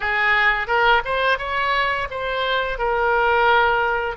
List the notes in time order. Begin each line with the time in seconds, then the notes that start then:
0.00 G#4
0.67 A#4
1.04 C5
1.38 C#5
2.10 C5
2.78 A#4